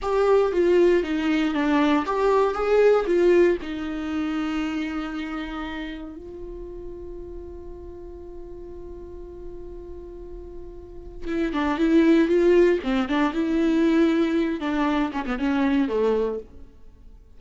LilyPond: \new Staff \with { instrumentName = "viola" } { \time 4/4 \tempo 4 = 117 g'4 f'4 dis'4 d'4 | g'4 gis'4 f'4 dis'4~ | dis'1 | f'1~ |
f'1~ | f'2 e'8 d'8 e'4 | f'4 c'8 d'8 e'2~ | e'8 d'4 cis'16 b16 cis'4 a4 | }